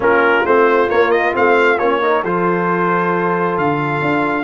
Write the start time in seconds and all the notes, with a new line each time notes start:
0.00 A#3 C#4 F4 A#4
0.45 A3 C4 C5
0.88 A#3 C#5
1.11 D#5
1.32 A3 C4 F5
1.78 A#3 C#4 C#5
2.01 D#4 A#4
2.22 F3 F4 A4 C5
3.57 D3 F5
4.01 D4